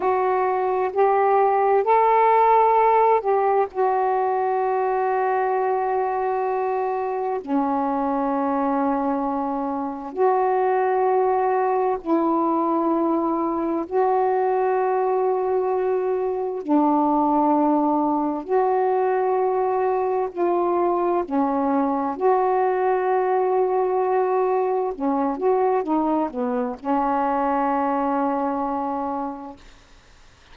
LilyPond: \new Staff \with { instrumentName = "saxophone" } { \time 4/4 \tempo 4 = 65 fis'4 g'4 a'4. g'8 | fis'1 | cis'2. fis'4~ | fis'4 e'2 fis'4~ |
fis'2 d'2 | fis'2 f'4 cis'4 | fis'2. cis'8 fis'8 | dis'8 b8 cis'2. | }